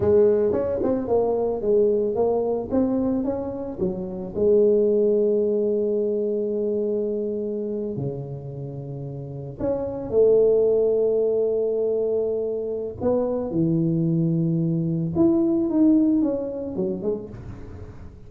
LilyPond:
\new Staff \with { instrumentName = "tuba" } { \time 4/4 \tempo 4 = 111 gis4 cis'8 c'8 ais4 gis4 | ais4 c'4 cis'4 fis4 | gis1~ | gis2~ gis8. cis4~ cis16~ |
cis4.~ cis16 cis'4 a4~ a16~ | a1 | b4 e2. | e'4 dis'4 cis'4 fis8 gis8 | }